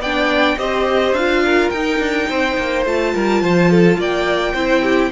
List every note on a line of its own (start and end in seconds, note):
0.00 0.57 B3
0.00 0.58 D4
0.00 0.58 D5
0.00 0.58 G5
0.58 1.13 C4
0.58 1.15 G4
0.58 1.44 C5
0.58 1.15 D#5
1.13 1.70 D4
1.13 1.75 F4
1.13 1.70 F5
1.45 2.29 A#4
1.70 2.00 D#4
1.70 2.86 D#4
1.70 2.83 G5
2.00 2.28 D4
2.29 2.58 C4
2.29 3.15 C5
2.58 2.86 A#3
2.86 3.15 A3
2.86 4.56 F4
2.86 4.01 A5
3.15 3.43 G3
3.15 3.43 A#4
3.43 3.98 F3
3.43 3.71 C5
3.71 3.99 A4
3.98 4.54 A#3
3.98 4.54 D5
3.98 5.12 G5
4.54 5.11 C4
4.54 5.12 E4
4.54 4.82 C5
4.83 5.11 G4